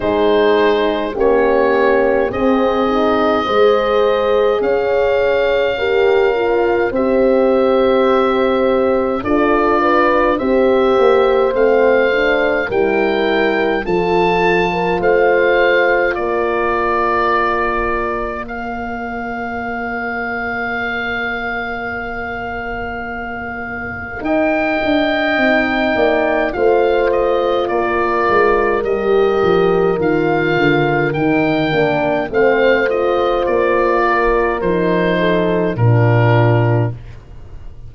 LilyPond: <<
  \new Staff \with { instrumentName = "oboe" } { \time 4/4 \tempo 4 = 52 c''4 cis''4 dis''2 | f''2 e''2 | d''4 e''4 f''4 g''4 | a''4 f''4 d''2 |
f''1~ | f''4 g''2 f''8 dis''8 | d''4 dis''4 f''4 g''4 | f''8 dis''8 d''4 c''4 ais'4 | }
  \new Staff \with { instrumentName = "horn" } { \time 4/4 gis'4 g'4 gis'4 c''4 | cis''4 ais'4 c''2 | a'8 b'8 c''2 ais'4 | a'8. ais'16 c''4 ais'2 |
d''1~ | d''4 dis''4. d''8 c''4 | ais'1 | c''4. ais'4 a'8 f'4 | }
  \new Staff \with { instrumentName = "horn" } { \time 4/4 dis'4 cis'4 c'8 dis'8 gis'4~ | gis'4 g'8 f'8 g'2 | f'4 g'4 c'8 d'8 e'4 | f'1 |
ais'1~ | ais'2 dis'4 f'4~ | f'4 g'4 f'4 dis'8 d'8 | c'8 f'4. dis'4 d'4 | }
  \new Staff \with { instrumentName = "tuba" } { \time 4/4 gis4 ais4 c'4 gis4 | cis'2 c'2 | d'4 c'8 ais8 a4 g4 | f4 a4 ais2~ |
ais1~ | ais4 dis'8 d'8 c'8 ais8 a4 | ais8 gis8 g8 f8 dis8 d8 dis8 ais8 | a4 ais4 f4 ais,4 | }
>>